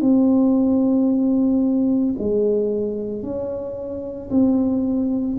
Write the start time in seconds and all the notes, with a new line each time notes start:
0.00 C4
2.18 G#3
3.22 C#4
4.30 C4